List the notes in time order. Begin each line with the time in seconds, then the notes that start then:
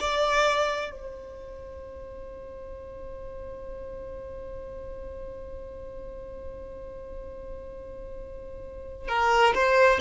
0.00 D5
0.91 C5
9.08 A#4
9.54 C5